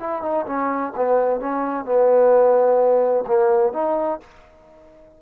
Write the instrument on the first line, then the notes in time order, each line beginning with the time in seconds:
trombone
0.00 E4
0.23 D#4
0.47 C#4
0.96 B3
1.41 C#4
1.85 B3
3.27 A#3
3.74 D#4